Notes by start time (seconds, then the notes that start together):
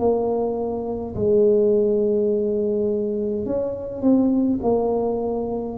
0.00 A#3
1.16 G#3
3.46 C#4
4.02 C4
4.63 A#3